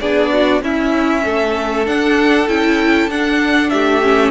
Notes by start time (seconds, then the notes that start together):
0.00 B3 D4 G#4 D5
0.32 F#4
0.61 C#4 E4 E5
1.24 A3 A4
1.86 D4 F#5
2.47 C#4 E4 G5
3.08 D4 F#5
3.70 A3 G4 E5
4.02 C#4